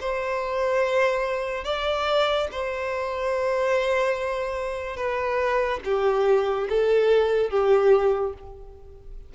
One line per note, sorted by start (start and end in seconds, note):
0.00 1.64 C5
1.64 2.47 D5
2.51 4.96 C5
4.96 5.80 B4
5.84 6.67 G4
6.69 7.50 A4
7.50 8.33 G4